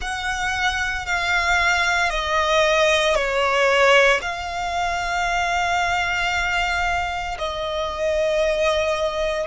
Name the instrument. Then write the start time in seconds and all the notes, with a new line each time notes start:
violin
0.00 F#5
1.05 F5
2.10 D#5
3.15 C#5
4.21 F5
7.38 D#5